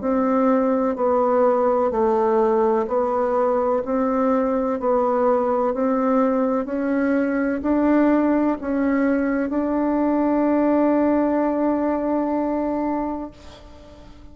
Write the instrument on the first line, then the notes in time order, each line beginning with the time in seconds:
bassoon
0.00 C4
0.96 B3
1.90 A3
2.87 B3
3.85 C4
4.79 B3
5.73 C4
6.65 C#4
7.61 D4
8.61 C#4
9.49 D4